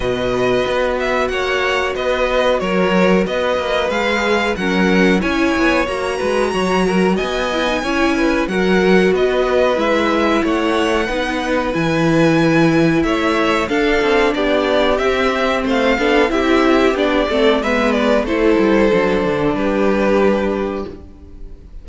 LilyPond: <<
  \new Staff \with { instrumentName = "violin" } { \time 4/4 \tempo 4 = 92 dis''4. e''8 fis''4 dis''4 | cis''4 dis''4 f''4 fis''4 | gis''4 ais''2 gis''4~ | gis''4 fis''4 dis''4 e''4 |
fis''2 gis''2 | e''4 f''4 d''4 e''4 | f''4 e''4 d''4 e''8 d''8 | c''2 b'2 | }
  \new Staff \with { instrumentName = "violin" } { \time 4/4 b'2 cis''4 b'4 | ais'4 b'2 ais'4 | cis''4. b'8 cis''8 ais'8 dis''4 | cis''8 b'8 ais'4 b'2 |
cis''4 b'2. | cis''4 a'4 g'2 | c''8 a'8 g'4. a'8 b'4 | a'2 g'2 | }
  \new Staff \with { instrumentName = "viola" } { \time 4/4 fis'1~ | fis'2 gis'4 cis'4 | e'4 fis'2~ fis'8 e'16 dis'16 | e'4 fis'2 e'4~ |
e'4 dis'4 e'2~ | e'4 d'2 c'4~ | c'8 d'8 e'4 d'8 c'8 b4 | e'4 d'2. | }
  \new Staff \with { instrumentName = "cello" } { \time 4/4 b,4 b4 ais4 b4 | fis4 b8 ais8 gis4 fis4 | cis'8 b8 ais8 gis8 fis4 b4 | cis'4 fis4 b4 gis4 |
a4 b4 e2 | a4 d'8 c'8 b4 c'4 | a8 b8 c'4 b8 a8 gis4 | a8 g8 fis8 d8 g2 | }
>>